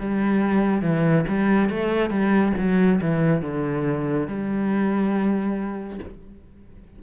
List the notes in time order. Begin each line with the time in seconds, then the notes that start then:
0.00 G3
0.82 E3
1.28 G3
1.70 A3
2.10 G3
2.58 F#3
3.02 E3
3.42 D3
4.28 G3